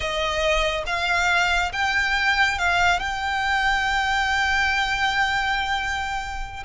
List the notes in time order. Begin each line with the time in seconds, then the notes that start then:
0.00 D#5
0.86 F5
1.72 G5
2.58 F5
2.99 G5